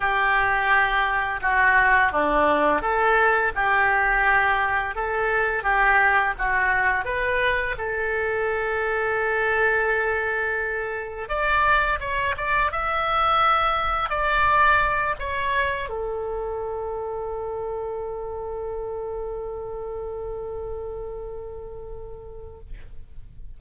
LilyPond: \new Staff \with { instrumentName = "oboe" } { \time 4/4 \tempo 4 = 85 g'2 fis'4 d'4 | a'4 g'2 a'4 | g'4 fis'4 b'4 a'4~ | a'1 |
d''4 cis''8 d''8 e''2 | d''4. cis''4 a'4.~ | a'1~ | a'1 | }